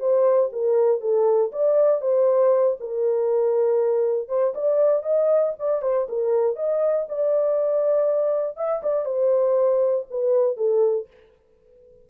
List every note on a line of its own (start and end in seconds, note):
0.00 0.50 C5
0.53 1.01 A#4
1.01 1.51 A4
1.52 2.02 D5
2.02 2.77 C5
2.81 4.29 A#4
4.29 4.54 C5
4.55 5.03 D5
5.03 5.53 D#5
5.59 5.82 D5
5.82 6.08 C5
6.09 6.56 A#4
6.56 7.07 D#5
7.09 8.57 D5
8.57 8.82 E5
8.83 9.05 D5
9.05 10.06 C5
10.11 10.57 B4
10.57 11.08 A4